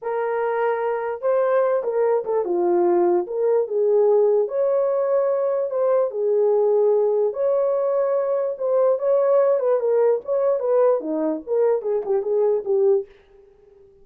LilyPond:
\new Staff \with { instrumentName = "horn" } { \time 4/4 \tempo 4 = 147 ais'2. c''4~ | c''8 ais'4 a'8 f'2 | ais'4 gis'2 cis''4~ | cis''2 c''4 gis'4~ |
gis'2 cis''2~ | cis''4 c''4 cis''4. b'8 | ais'4 cis''4 b'4 dis'4 | ais'4 gis'8 g'8 gis'4 g'4 | }